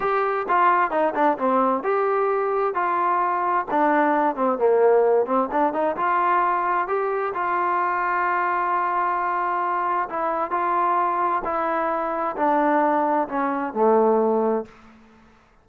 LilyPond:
\new Staff \with { instrumentName = "trombone" } { \time 4/4 \tempo 4 = 131 g'4 f'4 dis'8 d'8 c'4 | g'2 f'2 | d'4. c'8 ais4. c'8 | d'8 dis'8 f'2 g'4 |
f'1~ | f'2 e'4 f'4~ | f'4 e'2 d'4~ | d'4 cis'4 a2 | }